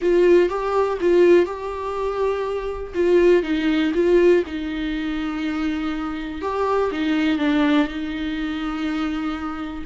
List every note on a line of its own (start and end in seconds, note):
0.01 0.49 F4
0.49 0.98 G4
1.00 1.45 F4
1.45 2.93 G4
2.94 3.42 F4
3.42 3.92 D#4
3.94 4.43 F4
4.46 6.41 D#4
6.41 6.90 G4
6.91 7.38 D#4
7.38 7.87 D4
7.87 9.84 D#4